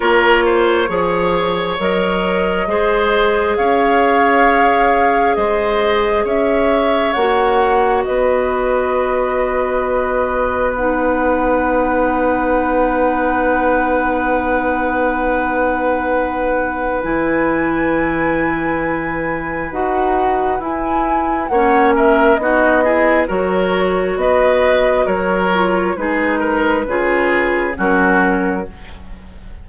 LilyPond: <<
  \new Staff \with { instrumentName = "flute" } { \time 4/4 \tempo 4 = 67 cis''2 dis''2 | f''2 dis''4 e''4 | fis''4 dis''2. | fis''1~ |
fis''2. gis''4~ | gis''2 fis''4 gis''4 | fis''8 e''8 dis''4 cis''4 dis''4 | cis''4 b'2 ais'4 | }
  \new Staff \with { instrumentName = "oboe" } { \time 4/4 ais'8 c''8 cis''2 c''4 | cis''2 c''4 cis''4~ | cis''4 b'2.~ | b'1~ |
b'1~ | b'1 | cis''8 ais'8 fis'8 gis'8 ais'4 b'4 | ais'4 gis'8 ais'8 gis'4 fis'4 | }
  \new Staff \with { instrumentName = "clarinet" } { \time 4/4 f'4 gis'4 ais'4 gis'4~ | gis'1 | fis'1 | dis'1~ |
dis'2. e'4~ | e'2 fis'4 e'4 | cis'4 dis'8 e'8 fis'2~ | fis'8 f'8 dis'4 f'4 cis'4 | }
  \new Staff \with { instrumentName = "bassoon" } { \time 4/4 ais4 f4 fis4 gis4 | cis'2 gis4 cis'4 | ais4 b2.~ | b1~ |
b2. e4~ | e2 dis'4 e'4 | ais4 b4 fis4 b4 | fis4 gis4 cis4 fis4 | }
>>